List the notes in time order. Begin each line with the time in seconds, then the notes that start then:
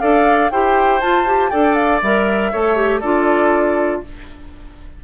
0.00 D4 A4 D5 F5
0.51 E4 G4 C5 G5
1.01 F4 A5
1.26 G4
1.50 D4 A4 D5 G5
1.75 F5
2.02 G3 A#4 E5
2.52 A3 A4 C#5
2.76 G4
3.01 D4 F4 A4 D5